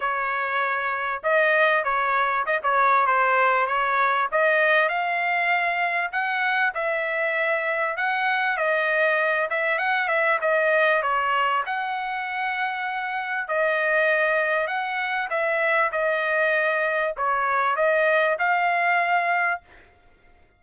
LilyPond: \new Staff \with { instrumentName = "trumpet" } { \time 4/4 \tempo 4 = 98 cis''2 dis''4 cis''4 | dis''16 cis''8. c''4 cis''4 dis''4 | f''2 fis''4 e''4~ | e''4 fis''4 dis''4. e''8 |
fis''8 e''8 dis''4 cis''4 fis''4~ | fis''2 dis''2 | fis''4 e''4 dis''2 | cis''4 dis''4 f''2 | }